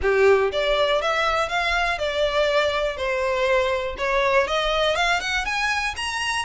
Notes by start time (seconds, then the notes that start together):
0.02 G4
0.52 D5
1.01 E5
1.48 F5
1.98 D5
2.96 C5
3.97 C#5
4.47 D#5
4.95 F5
5.20 F#5
5.45 G#5
5.96 A#5